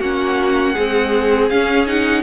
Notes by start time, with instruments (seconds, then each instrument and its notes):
0.00 cello A#3, viola C#4, violin F#4 F#5
0.73 viola G#3, cello C4, violin G#4
1.49 viola C#4, cello C#4, violin F5
1.86 viola D#4, violin F#5